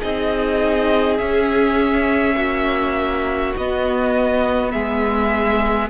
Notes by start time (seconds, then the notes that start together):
0.00 C4 D#4 G#4 D#5
1.18 C#4 E5
2.37 A#3 F#4
3.58 B3 D#5
4.72 G#3 G#4 E5